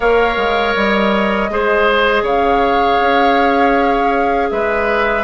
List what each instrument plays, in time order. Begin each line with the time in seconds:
0.00 bassoon A#3, clarinet A#4, oboe C#5, flute F5
0.37 bassoon G#3
0.75 bassoon G3, flute D#5
1.50 bassoon G#3, clarinet G#4, oboe C5
2.22 bassoon C#3, oboe C#5, flute F5
3.00 bassoon C#4
4.50 bassoon G#3, oboe B4, flute E5